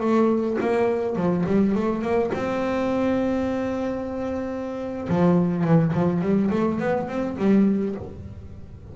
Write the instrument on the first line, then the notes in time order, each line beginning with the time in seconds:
double bass
0.00 A3
0.60 A#3
1.16 F3
1.46 G3
1.75 A3
2.02 A#3
2.34 C4
5.09 F3
5.64 E3
5.93 F3
6.22 G3
6.51 A3
6.79 B3
7.08 C4
7.38 G3